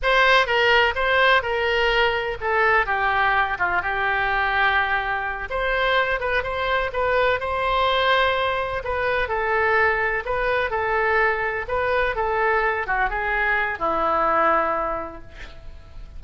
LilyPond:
\new Staff \with { instrumentName = "oboe" } { \time 4/4 \tempo 4 = 126 c''4 ais'4 c''4 ais'4~ | ais'4 a'4 g'4. f'8 | g'2.~ g'8 c''8~ | c''4 b'8 c''4 b'4 c''8~ |
c''2~ c''8 b'4 a'8~ | a'4. b'4 a'4.~ | a'8 b'4 a'4. fis'8 gis'8~ | gis'4 e'2. | }